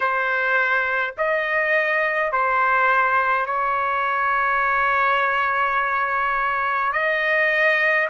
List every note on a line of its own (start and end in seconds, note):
0.00 1.14 C5
1.17 2.32 D#5
2.32 3.46 C5
3.46 6.92 C#5
6.92 8.08 D#5